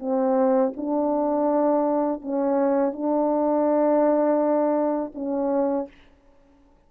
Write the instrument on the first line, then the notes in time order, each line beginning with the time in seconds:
horn
0.00 C4
0.77 D4
2.22 C#4
2.93 D4
5.15 C#4